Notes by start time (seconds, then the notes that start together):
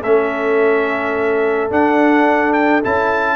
0.00 A3 C#4 A4 E5
1.70 D4 F#5
2.53 G5
2.83 C#4 E4 A5